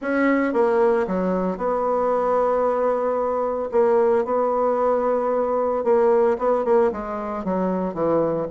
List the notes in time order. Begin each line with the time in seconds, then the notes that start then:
0.01 C#4
0.53 A#3
1.07 F#3
1.57 B3
3.71 A#3
4.25 B3
5.84 A#3
6.38 B3
6.64 A#3
6.91 G#3
7.44 F#3
7.94 E3